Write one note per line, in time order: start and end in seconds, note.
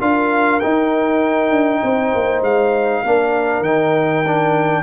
0.00 0.62 D4
0.00 0.61 F4
0.00 1.82 A#4
0.00 0.60 F5
0.60 3.05 D#4
0.60 1.51 D#4
0.60 2.42 G5
1.51 1.81 D4
1.83 2.13 C4
1.83 3.04 C5
2.15 2.42 A#3
2.42 3.03 G#3
2.42 3.64 F5
3.04 3.61 A#3
3.04 3.65 D4
3.04 4.83 A#4
3.61 4.82 D#3
3.61 4.25 D#4
3.61 4.83 G5
4.27 4.83 D4